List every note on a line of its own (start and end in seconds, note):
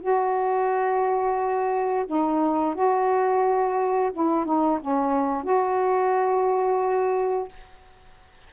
0.00 2.05 F#4
2.06 2.75 D#4
2.75 4.11 F#4
4.13 4.45 E4
4.45 4.79 D#4
4.80 5.43 C#4
5.43 7.48 F#4